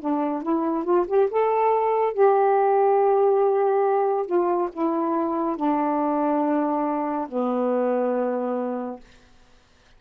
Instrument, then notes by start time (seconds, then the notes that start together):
saxophone
0.00 D4
0.43 E4
0.84 F4
1.08 G4
1.31 A4
2.14 G4
4.27 F4
4.73 E4
5.57 D4
7.29 B3